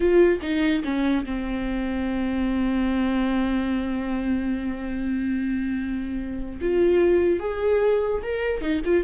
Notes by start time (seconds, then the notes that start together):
0.00 F4
0.42 D#4
0.83 C#4
1.25 C4
6.61 F4
7.39 G#4
8.22 A#4
8.61 D#4
8.84 F4